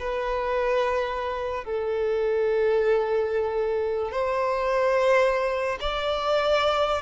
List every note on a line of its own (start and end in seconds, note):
0.00 1.65 B4
1.65 4.12 A4
4.12 5.79 C5
5.81 7.02 D5